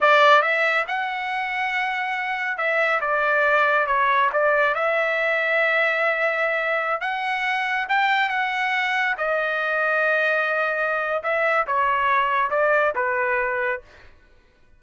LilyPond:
\new Staff \with { instrumentName = "trumpet" } { \time 4/4 \tempo 4 = 139 d''4 e''4 fis''2~ | fis''2 e''4 d''4~ | d''4 cis''4 d''4 e''4~ | e''1~ |
e''16 fis''2 g''4 fis''8.~ | fis''4~ fis''16 dis''2~ dis''8.~ | dis''2 e''4 cis''4~ | cis''4 d''4 b'2 | }